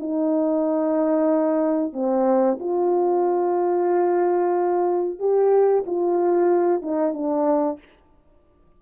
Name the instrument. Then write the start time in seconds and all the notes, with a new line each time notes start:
horn
0.00 D#4
1.93 C4
2.60 F4
5.20 G4
5.87 F4
6.82 D#4
7.14 D4